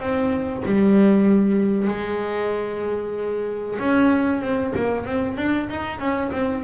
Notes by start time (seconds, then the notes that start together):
0.00 C4
0.65 G3
1.88 G#3
3.79 C#4
4.42 C4
4.76 A#3
5.06 C4
5.37 D4
5.70 D#4
5.99 C#4
6.32 C4